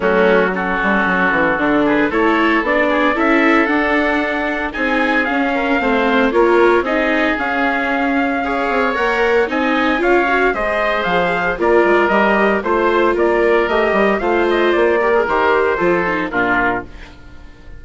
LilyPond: <<
  \new Staff \with { instrumentName = "trumpet" } { \time 4/4 \tempo 4 = 114 fis'4 a'2~ a'8 b'8 | cis''4 d''4 e''4 fis''4~ | fis''4 gis''4 f''2 | cis''4 dis''4 f''2~ |
f''4 fis''4 gis''4 f''4 | dis''4 f''4 d''4 dis''4 | c''4 d''4 dis''4 f''8 dis''8 | d''4 c''2 ais'4 | }
  \new Staff \with { instrumentName = "oboe" } { \time 4/4 cis'4 fis'2~ fis'8 gis'8 | a'4. gis'8 a'2~ | a'4 gis'4. ais'8 c''4 | ais'4 gis'2. |
cis''2 dis''4 cis''4 | c''2 ais'2 | c''4 ais'2 c''4~ | c''8 ais'4. a'4 f'4 | }
  \new Staff \with { instrumentName = "viola" } { \time 4/4 a4 cis'2 d'4 | e'4 d'4 e'4 d'4~ | d'4 dis'4 cis'4 c'4 | f'4 dis'4 cis'2 |
gis'4 ais'4 dis'4 f'8 fis'8 | gis'2 f'4 g'4 | f'2 g'4 f'4~ | f'8 g'16 gis'16 g'4 f'8 dis'8 d'4 | }
  \new Staff \with { instrumentName = "bassoon" } { \time 4/4 fis4. g8 fis8 e8 d4 | a4 b4 cis'4 d'4~ | d'4 c'4 cis'4 a4 | ais4 c'4 cis'2~ |
cis'8 c'8 ais4 c'4 cis'4 | gis4 f4 ais8 gis8 g4 | a4 ais4 a8 g8 a4 | ais4 dis4 f4 ais,4 | }
>>